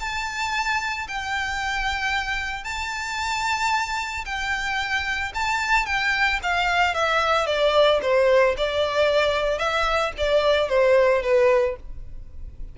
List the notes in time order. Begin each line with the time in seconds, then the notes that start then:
0.00 A5
1.08 G5
2.64 A5
4.25 G5
5.34 A5
5.86 G5
6.43 F5
6.94 E5
7.47 D5
8.02 C5
8.57 D5
9.59 E5
10.18 D5
10.69 C5
11.23 B4